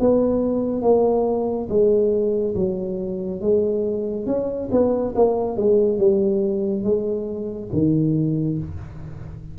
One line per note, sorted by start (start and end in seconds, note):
0.00 0.83 B3
0.83 1.68 A#3
1.69 2.55 G#3
2.56 3.41 F#3
3.42 4.27 G#3
4.27 4.69 C#4
4.72 5.15 B3
5.16 5.57 A#3
5.57 5.99 G#3
5.99 6.84 G3
6.84 7.70 G#3
7.73 8.59 D#3